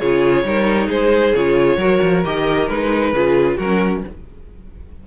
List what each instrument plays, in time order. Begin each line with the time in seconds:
0.00 cello C#3, viola F4, violin G#4 C#5
0.44 cello G3, viola D#4, violin A#4
0.88 cello G#3, violin G#4 C5
1.35 cello C#3, viola F4, violin C#5
1.77 cello F#3, viola F#4, violin A#4
2.03 cello F3
2.25 cello D#3, viola G4, violin D#5
2.68 cello G#3, viola D#4, violin B4
3.13 cello C#3, viola F4, violin G#4
3.57 cello F#3, viola C#4, violin F#4 A#4